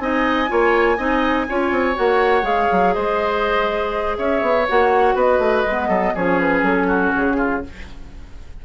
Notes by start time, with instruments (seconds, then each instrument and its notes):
0.00 bassoon C4, clarinet D#4, oboe D#5, flute G#5
0.48 bassoon A#3, clarinet F4, oboe C#5
0.98 bassoon C4, clarinet D#4, oboe D#5
1.49 bassoon C#4, clarinet F4, oboe C#5
1.72 bassoon C4
1.95 bassoon A#3, clarinet F#4, flute F#5
2.43 bassoon G#3, clarinet G#4, flute F5
2.72 bassoon F#3
2.94 bassoon G#3, oboe C5, flute D#5
4.18 bassoon C#4, oboe C#5, flute E5
4.42 bassoon B3
4.69 bassoon A#3, clarinet F#4, flute F#5
5.15 bassoon B3, oboe B4, flute D#5
5.39 bassoon A3
5.66 bassoon G#3, clarinet B3
5.89 bassoon F#3, oboe A4
6.15 bassoon F3, clarinet C#4, oboe G#4, flute C#5
6.40 flute B4
6.63 bassoon F#3, flute A4
6.88 oboe F#4
7.16 bassoon C#3, flute G#4
7.37 oboe F4